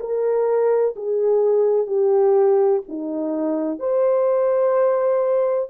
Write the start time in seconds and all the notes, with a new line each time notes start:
0.00 A#4
0.96 G#4
1.87 G4
2.88 D#4
3.79 C5